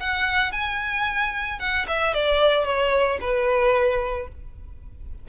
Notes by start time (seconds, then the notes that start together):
0.00 F#5
0.53 G#5
1.60 F#5
1.88 E5
2.15 D5
2.65 C#5
3.21 B4